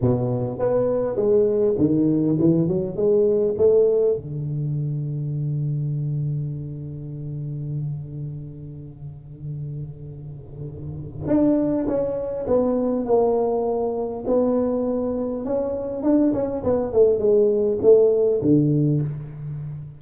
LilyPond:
\new Staff \with { instrumentName = "tuba" } { \time 4/4 \tempo 4 = 101 b,4 b4 gis4 dis4 | e8 fis8 gis4 a4 d4~ | d1~ | d1~ |
d2. d'4 | cis'4 b4 ais2 | b2 cis'4 d'8 cis'8 | b8 a8 gis4 a4 d4 | }